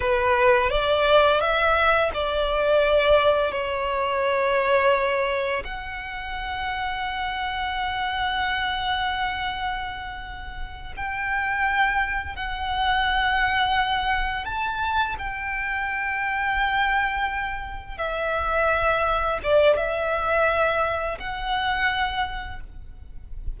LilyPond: \new Staff \with { instrumentName = "violin" } { \time 4/4 \tempo 4 = 85 b'4 d''4 e''4 d''4~ | d''4 cis''2. | fis''1~ | fis''2.~ fis''8 g''8~ |
g''4. fis''2~ fis''8~ | fis''8 a''4 g''2~ g''8~ | g''4. e''2 d''8 | e''2 fis''2 | }